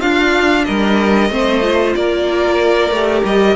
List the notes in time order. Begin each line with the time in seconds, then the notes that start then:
0.00 D4 F4 F5
0.64 G3 A#4 D#5
1.30 A3 C4 C5
1.61 F4
1.95 A#3 A#4 D5
2.90 A3 G4
3.24 G3 D#5